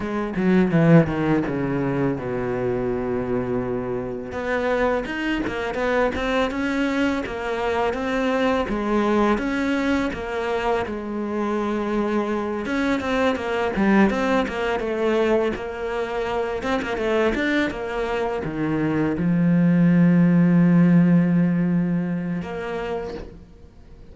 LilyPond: \new Staff \with { instrumentName = "cello" } { \time 4/4 \tempo 4 = 83 gis8 fis8 e8 dis8 cis4 b,4~ | b,2 b4 dis'8 ais8 | b8 c'8 cis'4 ais4 c'4 | gis4 cis'4 ais4 gis4~ |
gis4. cis'8 c'8 ais8 g8 c'8 | ais8 a4 ais4. c'16 ais16 a8 | d'8 ais4 dis4 f4.~ | f2. ais4 | }